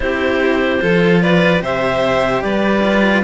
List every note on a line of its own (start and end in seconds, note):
0.00 0.82 C4
0.00 0.79 E4
0.00 0.82 G4
0.00 1.21 C5
0.81 1.61 F3
0.81 1.59 F4
0.81 1.22 A4
1.22 1.62 B4
1.22 1.62 D5
1.59 2.42 C3
1.59 2.81 G4
1.59 2.43 C5
1.59 2.42 E5
2.42 3.23 G3
2.42 3.23 B4
2.42 3.23 D5
2.83 3.23 F4